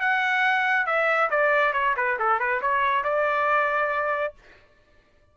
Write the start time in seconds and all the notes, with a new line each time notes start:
0.00 F#5
0.86 E5
1.30 D5
1.73 C#5
1.97 B4
2.19 A4
2.39 B4
2.61 C#5
3.04 D5